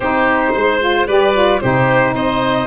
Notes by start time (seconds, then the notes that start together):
0.00 C4 D#4 G4 C5
0.54 G#3 C5
0.80 F4
1.07 G3 G4 B4 D5
1.33 F4
1.60 C3 D#4 G4 C5
2.14 C4 C5 D#5